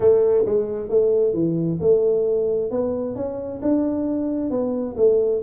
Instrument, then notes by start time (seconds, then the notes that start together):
tuba
0.00 A3
0.45 G#3
0.89 A3
1.33 E3
1.80 A3
2.70 B3
3.15 C#4
3.62 D4
4.50 B3
4.96 A3